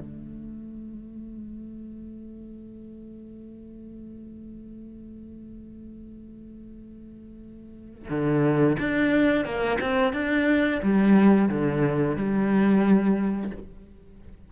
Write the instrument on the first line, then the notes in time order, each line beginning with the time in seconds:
cello
0.00 A3
8.10 D3
8.79 D4
9.45 A#3
9.81 C4
10.13 D4
10.83 G3
11.49 D3
12.17 G3